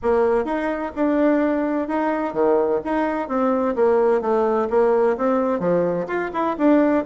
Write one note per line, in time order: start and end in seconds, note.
0.02 0.45 A#3
0.45 0.91 D#4
0.95 1.87 D4
1.87 2.33 D#4
2.33 2.80 D#3
2.84 3.28 D#4
3.28 3.75 C4
3.75 4.21 A#3
4.21 4.68 A3
4.69 5.16 A#3
5.17 5.59 C4
5.59 6.06 F3
6.07 6.30 F4
6.33 6.56 E4
6.58 7.04 D4